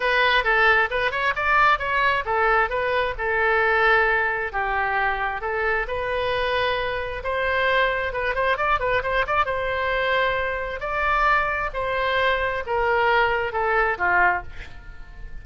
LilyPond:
\new Staff \with { instrumentName = "oboe" } { \time 4/4 \tempo 4 = 133 b'4 a'4 b'8 cis''8 d''4 | cis''4 a'4 b'4 a'4~ | a'2 g'2 | a'4 b'2. |
c''2 b'8 c''8 d''8 b'8 | c''8 d''8 c''2. | d''2 c''2 | ais'2 a'4 f'4 | }